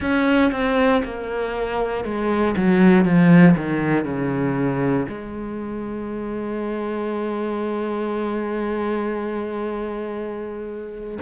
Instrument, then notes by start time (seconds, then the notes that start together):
cello
0.00 C#4
0.51 C4
1.04 A#3
2.04 G#3
2.56 F#3
3.05 F3
3.56 D#3
4.04 C#3
5.08 G#3